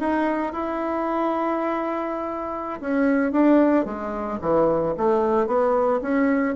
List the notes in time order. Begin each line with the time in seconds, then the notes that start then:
0.00 D#4
0.53 E4
2.81 C#4
3.32 D4
3.86 G#3
4.42 E3
4.97 A3
5.47 B3
6.02 C#4